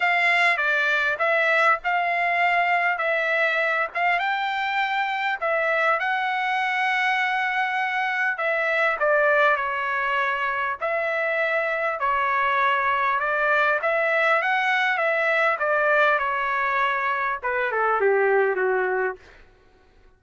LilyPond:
\new Staff \with { instrumentName = "trumpet" } { \time 4/4 \tempo 4 = 100 f''4 d''4 e''4 f''4~ | f''4 e''4. f''8 g''4~ | g''4 e''4 fis''2~ | fis''2 e''4 d''4 |
cis''2 e''2 | cis''2 d''4 e''4 | fis''4 e''4 d''4 cis''4~ | cis''4 b'8 a'8 g'4 fis'4 | }